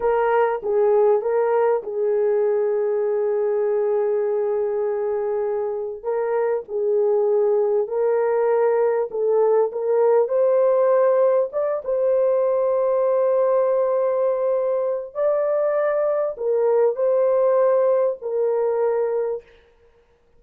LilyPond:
\new Staff \with { instrumentName = "horn" } { \time 4/4 \tempo 4 = 99 ais'4 gis'4 ais'4 gis'4~ | gis'1~ | gis'2 ais'4 gis'4~ | gis'4 ais'2 a'4 |
ais'4 c''2 d''8 c''8~ | c''1~ | c''4 d''2 ais'4 | c''2 ais'2 | }